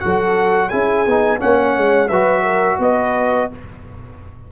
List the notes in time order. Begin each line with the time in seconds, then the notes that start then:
0.00 F#3 F#4 A4 F#5
0.68 C#4 E4 G#4 G#5
1.06 B3 D#4
1.39 A#3 C#4 C#5 F#5
1.77 G#3
2.08 F#3 F#4 B4 E5
2.43 A#4
2.78 B3 B4 D#5